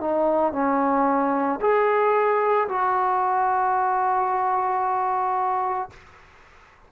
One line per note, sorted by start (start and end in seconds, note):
0.00 0.52 D#4
0.52 1.59 C#4
1.60 2.67 G#4
2.68 5.90 F#4